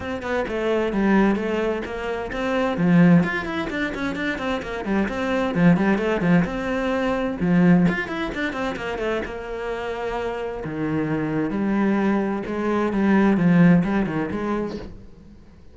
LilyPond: \new Staff \with { instrumentName = "cello" } { \time 4/4 \tempo 4 = 130 c'8 b8 a4 g4 a4 | ais4 c'4 f4 f'8 e'8 | d'8 cis'8 d'8 c'8 ais8 g8 c'4 | f8 g8 a8 f8 c'2 |
f4 f'8 e'8 d'8 c'8 ais8 a8 | ais2. dis4~ | dis4 g2 gis4 | g4 f4 g8 dis8 gis4 | }